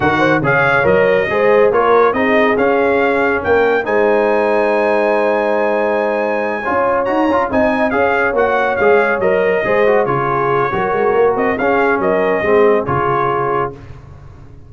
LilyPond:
<<
  \new Staff \with { instrumentName = "trumpet" } { \time 4/4 \tempo 4 = 140 fis''4 f''4 dis''2 | cis''4 dis''4 f''2 | g''4 gis''2.~ | gis''1~ |
gis''8 ais''4 gis''4 f''4 fis''8~ | fis''8 f''4 dis''2 cis''8~ | cis''2~ cis''8 dis''8 f''4 | dis''2 cis''2 | }
  \new Staff \with { instrumentName = "horn" } { \time 4/4 ais'8 c''8 cis''2 c''4 | ais'4 gis'2. | ais'4 c''2.~ | c''2.~ c''8 cis''8~ |
cis''4. dis''4 cis''4.~ | cis''2~ cis''8 c''4 gis'8~ | gis'4 ais'2 gis'4 | ais'4 gis'2. | }
  \new Staff \with { instrumentName = "trombone" } { \time 4/4 fis'4 gis'4 ais'4 gis'4 | f'4 dis'4 cis'2~ | cis'4 dis'2.~ | dis'2.~ dis'8 f'8~ |
f'8 fis'8 f'8 dis'4 gis'4 fis'8~ | fis'8 gis'4 ais'4 gis'8 fis'8 f'8~ | f'4 fis'2 cis'4~ | cis'4 c'4 f'2 | }
  \new Staff \with { instrumentName = "tuba" } { \time 4/4 dis4 cis4 fis4 gis4 | ais4 c'4 cis'2 | ais4 gis2.~ | gis2.~ gis8 cis'8~ |
cis'8 dis'8 cis'8 c'4 cis'4 ais8~ | ais8 gis4 fis4 gis4 cis8~ | cis4 fis8 gis8 ais8 c'8 cis'4 | fis4 gis4 cis2 | }
>>